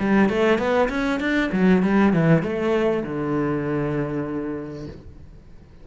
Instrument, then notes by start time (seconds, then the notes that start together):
cello
0.00 G3
0.30 A3
0.59 B3
0.90 C#4
1.21 D4
1.53 F#3
1.83 G3
2.14 E3
2.44 A3
3.04 D3